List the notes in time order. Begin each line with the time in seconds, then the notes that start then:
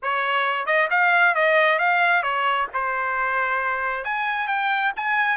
0.02 C#5
0.66 D#5
0.90 F5
1.34 D#5
1.78 F5
2.23 C#5
2.73 C5
4.04 G#5
4.47 G5
4.96 G#5